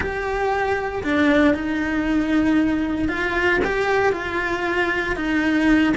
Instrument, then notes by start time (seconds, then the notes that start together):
cello
0.00 G4
1.03 D4
1.54 D#4
3.08 F4
3.64 G4
4.12 F4
5.16 D#4